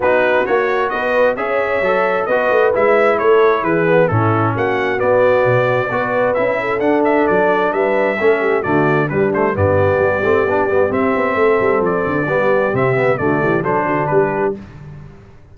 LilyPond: <<
  \new Staff \with { instrumentName = "trumpet" } { \time 4/4 \tempo 4 = 132 b'4 cis''4 dis''4 e''4~ | e''4 dis''4 e''4 cis''4 | b'4 a'4 fis''4 d''4~ | d''2 e''4 fis''8 e''8 |
d''4 e''2 d''4 | b'8 c''8 d''2. | e''2 d''2 | e''4 d''4 c''4 b'4 | }
  \new Staff \with { instrumentName = "horn" } { \time 4/4 fis'2 b'4 cis''4~ | cis''4 b'2 a'4 | gis'4 e'4 fis'2~ | fis'4 b'4. a'4.~ |
a'4 b'4 a'8 g'8 fis'4 | d'4 g'2.~ | g'4 a'2 g'4~ | g'4 fis'8 g'8 a'8 fis'8 g'4 | }
  \new Staff \with { instrumentName = "trombone" } { \time 4/4 dis'4 fis'2 gis'4 | a'4 fis'4 e'2~ | e'8 b8 cis'2 b4~ | b4 fis'4 e'4 d'4~ |
d'2 cis'4 a4 | g8 a8 b4. c'8 d'8 b8 | c'2. b4 | c'8 b8 a4 d'2 | }
  \new Staff \with { instrumentName = "tuba" } { \time 4/4 b4 ais4 b4 cis'4 | fis4 b8 a8 gis4 a4 | e4 a,4 ais4 b4 | b,4 b4 cis'4 d'4 |
fis4 g4 a4 d4 | g4 g,4 g8 a8 b8 g8 | c'8 b8 a8 g8 f8 d8 g4 | c4 d8 e8 fis8 d8 g4 | }
>>